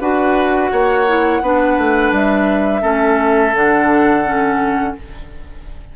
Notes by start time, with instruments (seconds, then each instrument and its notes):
0.00 bassoon D4, clarinet F#4, oboe B4, flute F#5
0.71 bassoon A#3, oboe C#5
1.07 clarinet E4
1.41 bassoon B3, clarinet D4, oboe B4
1.78 bassoon A3
2.12 bassoon G3, flute E5
2.82 bassoon A3, clarinet C#4, oboe A4
3.54 bassoon D3, clarinet D4, flute F#5
4.25 clarinet C#4